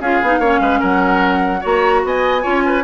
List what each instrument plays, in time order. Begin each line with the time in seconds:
0.00 bassoon C#4, clarinet F4, oboe G#4, flute F5
0.22 bassoon B3, clarinet D#4
0.39 bassoon A#3, clarinet C#4, oboe C#5
0.60 bassoon G#3, oboe B4
0.79 bassoon F#3, oboe A#4, flute F#5
1.60 bassoon A#3, clarinet F#4, oboe C#5, flute A#5
2.04 bassoon B3, oboe D#5, flute G#5
2.42 bassoon C#4, clarinet F4, oboe C#5
2.66 oboe B4